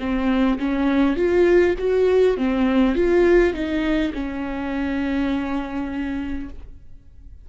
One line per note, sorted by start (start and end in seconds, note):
0.00 0.59 C4
0.59 1.17 C#4
1.17 1.75 F4
1.79 2.37 F#4
2.37 2.96 C4
2.96 3.54 F4
3.54 4.13 D#4
4.14 6.50 C#4